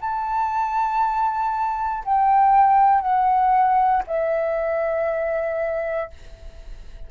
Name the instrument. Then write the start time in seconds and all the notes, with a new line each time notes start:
flute
0.00 A5
2.05 G5
3.01 F#5
4.07 E5